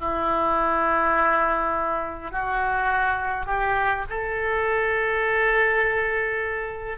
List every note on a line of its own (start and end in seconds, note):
0.00 2.31 E4
2.31 3.46 F#4
3.46 4.05 G4
4.10 6.98 A4